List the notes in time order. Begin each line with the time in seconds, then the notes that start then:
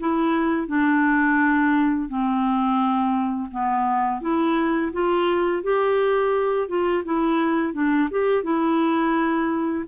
0.00 E4
0.68 D4
2.09 C4
3.51 B3
4.21 E4
4.93 F4
5.63 G4
6.68 F4
7.05 E4
7.74 D4
8.11 G4
8.44 E4